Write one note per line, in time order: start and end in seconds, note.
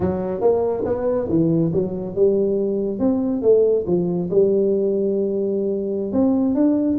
0.00 0.41 F#3
0.41 0.83 A#3
0.85 1.28 B3
1.29 1.71 E3
1.73 2.15 F#3
2.15 2.99 G3
2.99 3.41 C4
3.42 3.85 A3
3.86 4.29 F3
4.30 6.12 G3
6.12 6.55 C4
6.55 6.97 D4